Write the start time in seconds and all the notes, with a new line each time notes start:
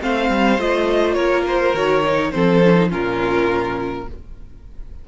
0.00 A3 C4 C5 F5
0.30 G3
0.58 A3 F4 D#5
1.13 A#3 A#4 C#5
1.47 C5
1.74 D#3 F#4 C#5
2.04 D#4
2.31 F3 C4 A4 C5
2.64 C#4
2.75 D#4
2.89 A#2 C#4 F4 A#4